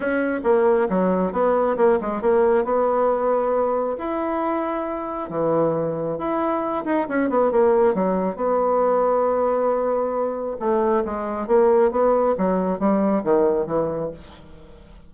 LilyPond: \new Staff \with { instrumentName = "bassoon" } { \time 4/4 \tempo 4 = 136 cis'4 ais4 fis4 b4 | ais8 gis8 ais4 b2~ | b4 e'2. | e2 e'4. dis'8 |
cis'8 b8 ais4 fis4 b4~ | b1 | a4 gis4 ais4 b4 | fis4 g4 dis4 e4 | }